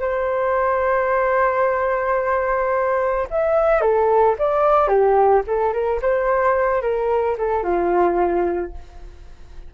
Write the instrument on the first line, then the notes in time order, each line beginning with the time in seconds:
flute
0.00 C5
3.30 E5
3.81 A4
4.39 D5
4.87 G4
5.47 A4
5.73 A#4
6.02 C5
6.82 A#4
7.38 A4
7.63 F4